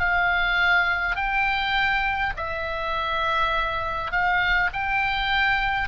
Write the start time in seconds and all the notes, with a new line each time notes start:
0.00 F5
1.16 G5
2.37 E5
4.12 F5
4.74 G5